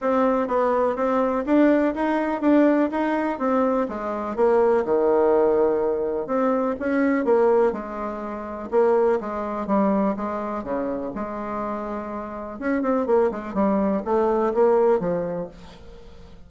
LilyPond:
\new Staff \with { instrumentName = "bassoon" } { \time 4/4 \tempo 4 = 124 c'4 b4 c'4 d'4 | dis'4 d'4 dis'4 c'4 | gis4 ais4 dis2~ | dis4 c'4 cis'4 ais4 |
gis2 ais4 gis4 | g4 gis4 cis4 gis4~ | gis2 cis'8 c'8 ais8 gis8 | g4 a4 ais4 f4 | }